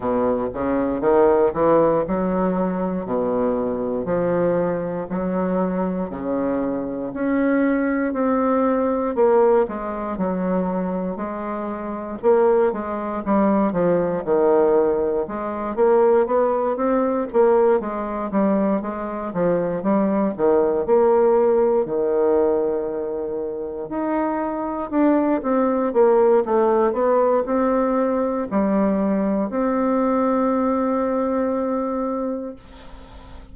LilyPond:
\new Staff \with { instrumentName = "bassoon" } { \time 4/4 \tempo 4 = 59 b,8 cis8 dis8 e8 fis4 b,4 | f4 fis4 cis4 cis'4 | c'4 ais8 gis8 fis4 gis4 | ais8 gis8 g8 f8 dis4 gis8 ais8 |
b8 c'8 ais8 gis8 g8 gis8 f8 g8 | dis8 ais4 dis2 dis'8~ | dis'8 d'8 c'8 ais8 a8 b8 c'4 | g4 c'2. | }